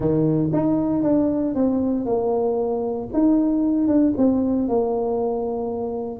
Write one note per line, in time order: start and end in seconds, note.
0.00 0.50 D#3
0.52 1.03 D#4
1.03 1.54 D4
1.54 2.05 C4
2.05 3.08 A#3
3.13 3.87 D#4
3.87 4.13 D4
4.17 4.68 C4
4.68 6.20 A#3